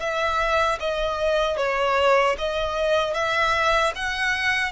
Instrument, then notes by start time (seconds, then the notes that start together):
violin
0.00 E5
0.80 D#5
1.58 C#5
2.39 D#5
3.14 E5
3.95 F#5